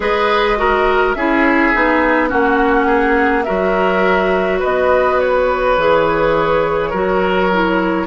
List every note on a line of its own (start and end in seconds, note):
0.00 1.15 G#3
0.00 0.57 G#4
0.00 0.58 B4
0.00 1.14 D#5
0.57 1.14 F#4
0.57 1.16 A#4
1.14 1.72 C#4
1.14 1.74 E4
1.14 2.29 G#4
1.14 2.29 E5
1.74 2.32 B3
1.74 2.28 D#4
2.28 3.47 A#3
2.28 3.44 C#4
2.28 2.86 F#4
2.28 3.43 F#5
2.86 3.44 G#4
3.43 4.64 F#3
3.43 5.77 F#4
3.43 4.59 A#4
3.43 4.58 E5
4.59 5.77 B3
4.59 6.89 B4
4.59 5.20 D#5
5.20 8.07 C#5
5.77 6.92 E3
5.77 6.93 G#4
6.90 8.07 F#3
6.90 7.51 F#4
6.90 8.05 A#4
7.52 8.07 E4